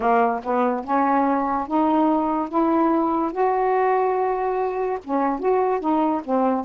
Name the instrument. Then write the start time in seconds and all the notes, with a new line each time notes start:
saxophone
0.00 A#3
0.43 B3
0.84 C#4
1.67 D#4
2.48 E4
3.31 F#4
5.04 C#4
5.39 F#4
5.80 D#4
6.23 C4